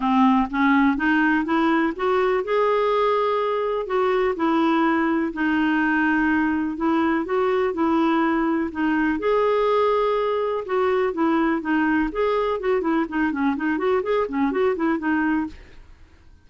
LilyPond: \new Staff \with { instrumentName = "clarinet" } { \time 4/4 \tempo 4 = 124 c'4 cis'4 dis'4 e'4 | fis'4 gis'2. | fis'4 e'2 dis'4~ | dis'2 e'4 fis'4 |
e'2 dis'4 gis'4~ | gis'2 fis'4 e'4 | dis'4 gis'4 fis'8 e'8 dis'8 cis'8 | dis'8 fis'8 gis'8 cis'8 fis'8 e'8 dis'4 | }